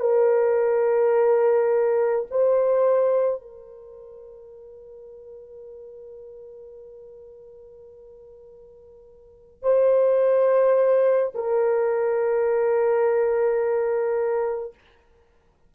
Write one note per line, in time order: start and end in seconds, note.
0.00 2.26 A#4
2.31 3.42 C5
3.42 9.63 A#4
9.63 11.33 C5
11.35 14.74 A#4